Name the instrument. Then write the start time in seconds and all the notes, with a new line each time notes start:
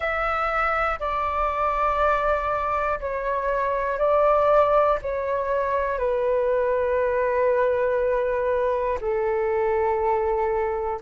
flute
0.00 E5
1.00 D5
3.00 C#5
3.98 D5
5.02 C#5
5.98 B4
9.00 A4